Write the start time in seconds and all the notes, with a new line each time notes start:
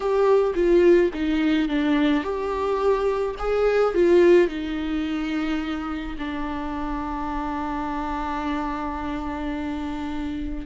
0.00 G4
0.54 F4
1.13 D#4
1.68 D4
2.23 G4
3.38 G#4
3.94 F4
4.48 D#4
6.18 D4